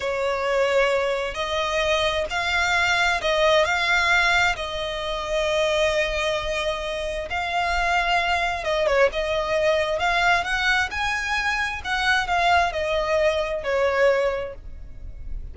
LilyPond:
\new Staff \with { instrumentName = "violin" } { \time 4/4 \tempo 4 = 132 cis''2. dis''4~ | dis''4 f''2 dis''4 | f''2 dis''2~ | dis''1 |
f''2. dis''8 cis''8 | dis''2 f''4 fis''4 | gis''2 fis''4 f''4 | dis''2 cis''2 | }